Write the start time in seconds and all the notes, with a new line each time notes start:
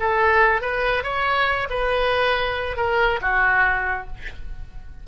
0.00 A4
0.62 B4
1.04 C#5
1.70 B4
2.77 A#4
3.22 F#4